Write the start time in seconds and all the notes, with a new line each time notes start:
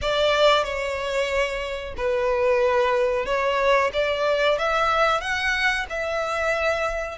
0.01 D5
0.64 C#5
1.97 B4
3.25 C#5
3.93 D5
4.58 E5
5.20 F#5
5.89 E5